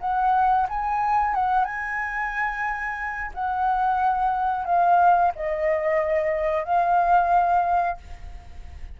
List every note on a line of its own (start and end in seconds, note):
0.00 0.67 F#5
0.69 1.34 G#5
1.34 1.64 F#5
1.64 3.31 G#5
3.34 4.65 F#5
4.65 5.31 F5
5.35 6.64 D#5
6.64 7.97 F5